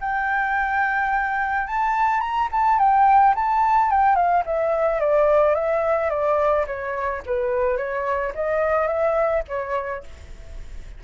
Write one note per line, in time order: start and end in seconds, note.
0.00 1.67 G5
1.67 2.20 A5
2.20 2.48 A#5
2.51 2.78 A5
2.78 3.34 G5
3.35 3.90 A5
3.90 4.15 G5
4.15 4.43 F5
4.45 5.00 E5
5.00 5.54 D5
5.54 6.09 E5
6.09 6.65 D5
6.66 7.22 C#5
7.26 7.77 B4
7.77 8.32 C#5
8.34 8.87 D#5
8.87 9.42 E5
9.47 10.03 C#5